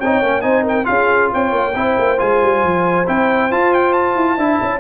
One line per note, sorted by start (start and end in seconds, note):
0.00 0.22 C4
0.00 0.24 D#4
0.00 0.43 C#5
0.00 0.41 G5
0.22 0.43 A#3
0.22 0.42 C#4
0.41 0.87 C4
0.41 0.84 D#4
0.41 0.63 C5
0.41 0.63 G#5
0.63 0.85 A#4
0.63 0.85 G5
0.84 1.33 C#4
0.84 1.72 F4
0.84 1.32 G#4
0.84 1.29 F5
1.32 1.52 C4
1.32 1.76 C#5
1.32 2.19 G5
1.52 1.74 A#3
1.75 1.97 C4
1.75 2.18 E4
1.75 4.37 C5
1.98 2.20 A#3
2.18 2.42 G#3
2.18 3.05 F4
2.18 3.07 G#5
2.42 2.64 G3
2.64 3.07 F3
3.07 3.51 C4
3.07 3.51 E4
3.07 3.52 G5
3.51 4.16 F4
3.51 4.39 F4
3.51 3.74 A5
3.74 3.93 G5
3.93 4.80 A5
4.16 4.37 E4
4.37 4.59 D4
4.37 4.80 E4
4.37 4.80 E5
4.62 4.80 C#4